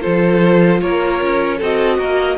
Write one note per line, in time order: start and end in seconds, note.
0.00 0.81 F3
0.00 1.58 F4
0.00 0.80 A4
0.00 0.80 C5
0.81 1.21 A#3
0.81 1.57 A#4
0.81 1.60 C#5
1.21 1.61 C#4
1.57 1.99 C4
1.57 2.37 F#4
1.57 1.97 A4
1.57 2.37 D#5
1.98 2.37 A#3
1.98 2.37 A#4